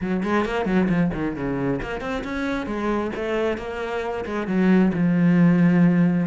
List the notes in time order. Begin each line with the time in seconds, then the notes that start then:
0.01 F#3
0.23 G#3
0.45 A#3
0.65 F#3
0.89 F3
1.13 D#3
1.36 C#3
1.82 A#3
2.00 C4
2.24 C#4
2.66 G#3
3.15 A3
3.57 A#3
4.25 G#3
4.47 F#3
4.93 F3